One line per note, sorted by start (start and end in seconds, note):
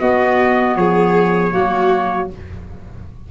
0.00 1.51 B3
0.00 0.76 B3
0.00 0.78 F#4
0.00 0.76 D#5
0.76 1.53 F3
0.76 1.53 G#4
0.76 2.30 C#5
1.51 2.31 F#3
1.51 2.28 A#3
1.51 2.30 F#4